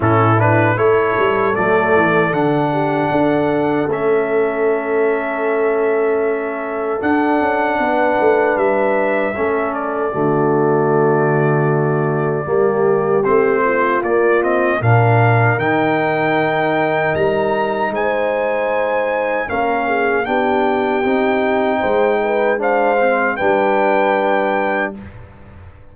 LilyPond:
<<
  \new Staff \with { instrumentName = "trumpet" } { \time 4/4 \tempo 4 = 77 a'8 b'8 cis''4 d''4 fis''4~ | fis''4 e''2.~ | e''4 fis''2 e''4~ | e''8 d''2.~ d''8~ |
d''4 c''4 d''8 dis''8 f''4 | g''2 ais''4 gis''4~ | gis''4 f''4 g''2~ | g''4 f''4 g''2 | }
  \new Staff \with { instrumentName = "horn" } { \time 4/4 e'4 a'2~ a'8 g'8 | a'1~ | a'2 b'2 | a'4 fis'2. |
g'4. f'4. ais'4~ | ais'2. c''4~ | c''4 ais'8 gis'8 g'2 | c''8 b'8 c''4 b'2 | }
  \new Staff \with { instrumentName = "trombone" } { \time 4/4 cis'8 d'8 e'4 a4 d'4~ | d'4 cis'2.~ | cis'4 d'2. | cis'4 a2. |
ais4 c'4 ais8 c'8 d'4 | dis'1~ | dis'4 cis'4 d'4 dis'4~ | dis'4 d'8 c'8 d'2 | }
  \new Staff \with { instrumentName = "tuba" } { \time 4/4 a,4 a8 g8 fis8 e8 d4 | d'4 a2.~ | a4 d'8 cis'8 b8 a8 g4 | a4 d2. |
g4 a4 ais4 ais,4 | dis2 g4 gis4~ | gis4 ais4 b4 c'4 | gis2 g2 | }
>>